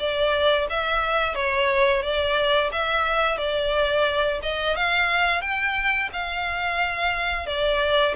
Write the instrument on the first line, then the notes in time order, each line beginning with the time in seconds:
violin
0.00 D5
0.70 E5
1.35 C#5
2.03 D5
2.72 E5
3.38 D5
4.43 D#5
4.76 F5
5.41 G5
6.13 F5
7.47 D5